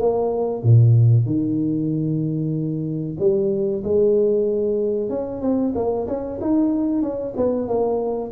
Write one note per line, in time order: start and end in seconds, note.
0.00 0.63 A#3
0.63 1.25 A#2
1.25 3.17 D#3
3.19 3.83 G3
3.84 5.09 G#3
5.09 5.41 C#4
5.41 5.73 C4
5.75 6.07 A#3
6.07 6.39 C#4
6.41 7.02 D#4
7.02 7.34 C#4
7.36 7.68 B3
7.68 8.32 A#3